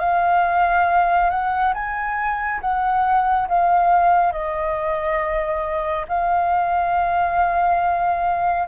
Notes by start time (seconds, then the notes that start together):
0.00 F5
1.30 F#5
1.74 G#5
2.61 F#5
3.48 F5
4.32 D#5
6.08 F5